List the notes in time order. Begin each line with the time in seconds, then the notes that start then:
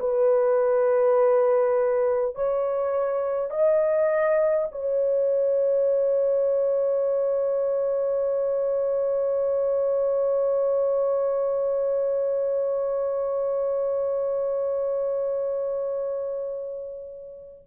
0.00 B4
2.36 C#5
3.51 D#5
4.72 C#5